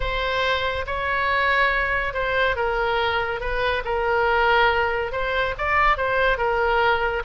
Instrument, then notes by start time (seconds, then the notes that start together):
oboe
0.00 C5
0.86 C#5
2.13 C5
2.56 A#4
3.40 B4
3.84 A#4
5.11 C5
5.57 D5
5.97 C5
6.37 A#4